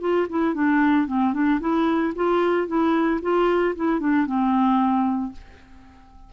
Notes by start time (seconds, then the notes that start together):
0.00 F4
0.29 E4
0.54 D4
1.07 C4
1.33 D4
1.60 E4
2.15 F4
2.67 E4
3.21 F4
3.76 E4
3.99 D4
4.26 C4